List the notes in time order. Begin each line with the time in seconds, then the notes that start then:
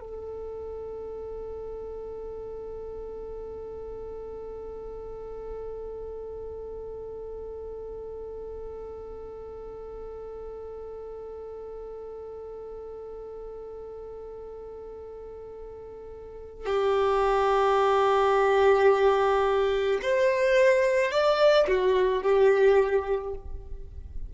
0.00 A4
16.66 G4
20.02 C5
21.11 D5
21.68 F#4
22.23 G4